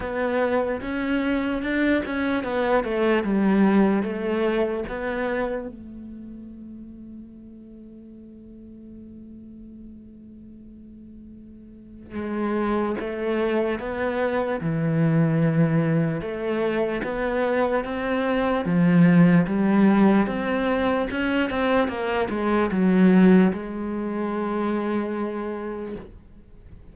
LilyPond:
\new Staff \with { instrumentName = "cello" } { \time 4/4 \tempo 4 = 74 b4 cis'4 d'8 cis'8 b8 a8 | g4 a4 b4 a4~ | a1~ | a2. gis4 |
a4 b4 e2 | a4 b4 c'4 f4 | g4 c'4 cis'8 c'8 ais8 gis8 | fis4 gis2. | }